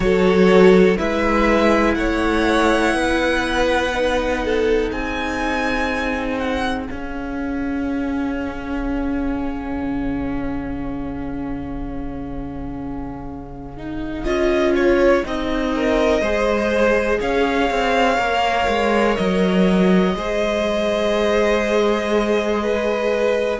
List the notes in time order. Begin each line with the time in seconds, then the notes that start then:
0.00 F#3 F#4 A4 C#5
0.96 G#3 E4 B4 E5
1.94 A3 C#5 F#5
2.93 B3 B4
3.93 D#4
4.44 A4
4.91 C4 G#4 G#5
6.38 F#5
6.85 C#4 F5
9.82 C#3
13.77 D#4
14.23 C#4 F4 D#5
14.75 C#5
15.23 C4 D#4 D#5
15.75 A#4
16.20 G#3 G#4 C5
17.20 C#4 C#5 F5
17.70 C4
18.17 A#3 A#4
18.68 G#3
19.16 F#3 D#5
20.15 G#3 G#4 C5
22.62 B4